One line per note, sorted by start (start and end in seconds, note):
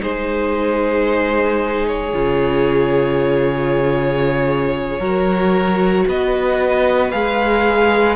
0.00 2.14 G#3
0.00 2.11 D#4
0.00 5.00 G#4
0.00 1.87 C5
1.87 6.08 C#5
2.12 4.99 C#3
2.12 5.01 F4
4.99 6.04 F#3
4.99 7.12 F#4
4.99 6.05 A#4
6.08 7.13 B3
6.08 8.16 B4
6.08 7.11 D#5
7.11 8.16 G#3
7.11 8.16 G#4
7.11 8.16 F5